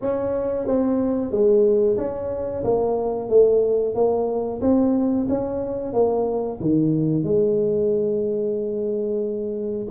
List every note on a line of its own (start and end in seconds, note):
0.01 0.66 C#4
0.66 1.31 C4
1.31 1.97 G#3
1.98 2.63 C#4
2.64 3.29 A#3
3.29 3.94 A3
3.94 4.60 A#3
4.61 5.27 C4
5.29 5.93 C#4
5.93 6.59 A#3
6.60 7.23 D#3
7.23 9.87 G#3